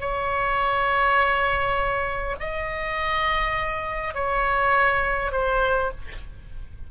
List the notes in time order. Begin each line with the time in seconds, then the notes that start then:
0.00 C#5
2.40 D#5
4.14 C#5
5.32 C5